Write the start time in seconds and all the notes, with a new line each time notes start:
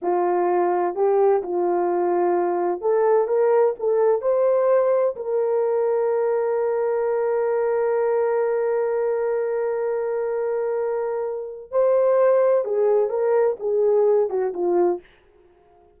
0.01 F4
0.95 G4
1.42 F4
2.81 A4
3.27 A#4
3.79 A4
4.21 C5
5.16 A#4
11.71 C5
12.65 G#4
13.09 A#4
13.59 G#4
14.29 F#4
14.53 F4